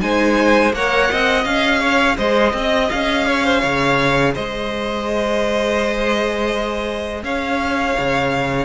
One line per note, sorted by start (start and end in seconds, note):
0.00 0.73 G#3
0.00 0.72 D#4
0.00 0.74 C5
0.00 0.73 G#5
0.73 1.09 A#3
0.73 1.44 A#4
0.73 1.10 C#5
0.73 1.44 F#5
1.10 1.45 C4
1.10 1.80 D#5
1.44 2.17 C#4
1.44 8.64 G#4
1.44 2.17 F5
1.80 2.16 C#5
2.17 2.53 G#3
2.17 2.53 C5
2.17 2.89 D#5
2.53 2.89 C4
2.53 3.27 D#5
2.89 3.63 C#4
2.89 4.34 F5
3.27 3.44 C#5
3.44 3.60 C5
3.60 4.35 C#3
3.60 4.32 C#5
4.33 7.23 G#3
4.33 7.22 C5
4.33 7.23 D#5
7.23 7.95 C#4
7.23 8.64 C#5
7.23 8.64 F5
7.99 8.64 C#3